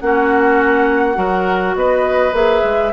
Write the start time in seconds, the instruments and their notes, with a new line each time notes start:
0.00 bassoon A#3, clarinet C#4, oboe F#4, flute F#5
1.15 bassoon F#3, clarinet F#4, oboe A#4
1.75 bassoon B3, oboe B4, flute D#5
2.32 bassoon A#3, clarinet G#4, flute E5
2.64 bassoon G#3